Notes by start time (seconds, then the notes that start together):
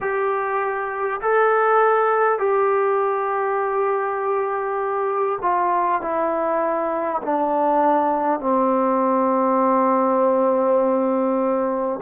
0.01 G4
1.21 A4
2.38 G4
5.42 F4
6.01 E4
7.22 D4
8.40 C4